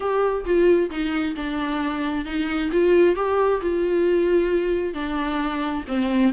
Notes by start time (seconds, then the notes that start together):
0.00 G4
0.45 F4
0.90 D#4
1.36 D4
2.25 D#4
2.72 F4
3.15 G4
3.61 F4
4.93 D4
5.87 C4